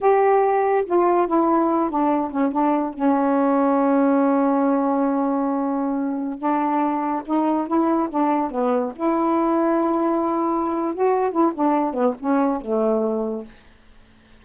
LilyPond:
\new Staff \with { instrumentName = "saxophone" } { \time 4/4 \tempo 4 = 143 g'2 f'4 e'4~ | e'8 d'4 cis'8 d'4 cis'4~ | cis'1~ | cis'2.~ cis'16 d'8.~ |
d'4~ d'16 dis'4 e'4 d'8.~ | d'16 b4 e'2~ e'8.~ | e'2 fis'4 e'8 d'8~ | d'8 b8 cis'4 a2 | }